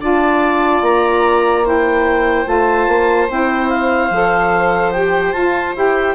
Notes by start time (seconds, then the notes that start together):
0.00 D4 F4 D5 A5
0.81 A#3 A#5
1.63 E4 C5 G5
2.44 A3 F4 A5
2.87 A#3
3.28 C4 E4 G5
3.69 F5
4.10 F3 A4
4.91 G4 G5
5.32 F4 A5
5.75 E4 G4 G5